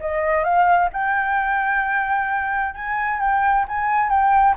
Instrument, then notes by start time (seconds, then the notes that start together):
flute
0.00 D#5
0.44 F5
0.92 G5
2.74 G#5
3.19 G5
3.68 G#5
4.09 G5